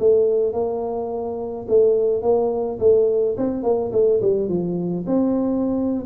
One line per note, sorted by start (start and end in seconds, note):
0.00 0.53 A3
0.53 1.66 A#3
1.69 2.23 A3
2.23 2.79 A#3
2.80 3.37 A3
3.38 3.63 C4
3.63 3.92 A#3
3.93 4.21 A3
4.22 4.49 G3
4.49 5.06 F3
5.07 6.06 C4